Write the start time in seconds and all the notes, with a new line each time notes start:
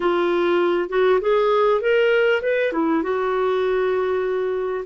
0.00 F4
0.89 F#4
1.20 G#4
1.81 A#4
2.42 B4
2.72 E4
3.02 F#4